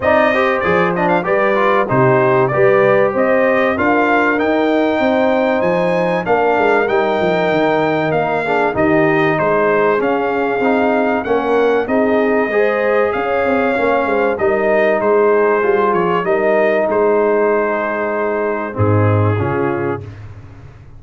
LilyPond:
<<
  \new Staff \with { instrumentName = "trumpet" } { \time 4/4 \tempo 4 = 96 dis''4 d''8 dis''16 f''16 d''4 c''4 | d''4 dis''4 f''4 g''4~ | g''4 gis''4 f''4 g''4~ | g''4 f''4 dis''4 c''4 |
f''2 fis''4 dis''4~ | dis''4 f''2 dis''4 | c''4. cis''8 dis''4 c''4~ | c''2 gis'2 | }
  \new Staff \with { instrumentName = "horn" } { \time 4/4 d''8 c''4. b'4 g'4 | b'4 c''4 ais'2 | c''2 ais'2~ | ais'4. gis'8 g'4 gis'4~ |
gis'2 ais'4 gis'4 | c''4 cis''4. c''8 ais'4 | gis'2 ais'4 gis'4~ | gis'2 dis'4 f'4 | }
  \new Staff \with { instrumentName = "trombone" } { \time 4/4 dis'8 g'8 gis'8 d'8 g'8 f'8 dis'4 | g'2 f'4 dis'4~ | dis'2 d'4 dis'4~ | dis'4. d'8 dis'2 |
cis'4 dis'4 cis'4 dis'4 | gis'2 cis'4 dis'4~ | dis'4 f'4 dis'2~ | dis'2 c'4 cis'4 | }
  \new Staff \with { instrumentName = "tuba" } { \time 4/4 c'4 f4 g4 c4 | g4 c'4 d'4 dis'4 | c'4 f4 ais8 gis8 g8 f8 | dis4 ais4 dis4 gis4 |
cis'4 c'4 ais4 c'4 | gis4 cis'8 c'8 ais8 gis8 g4 | gis4 g8 f8 g4 gis4~ | gis2 gis,4 cis4 | }
>>